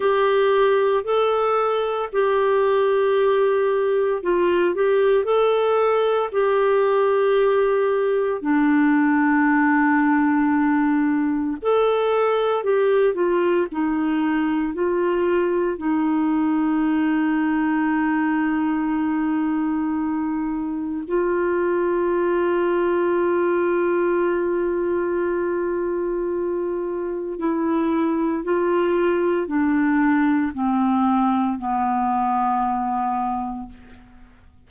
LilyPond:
\new Staff \with { instrumentName = "clarinet" } { \time 4/4 \tempo 4 = 57 g'4 a'4 g'2 | f'8 g'8 a'4 g'2 | d'2. a'4 | g'8 f'8 dis'4 f'4 dis'4~ |
dis'1 | f'1~ | f'2 e'4 f'4 | d'4 c'4 b2 | }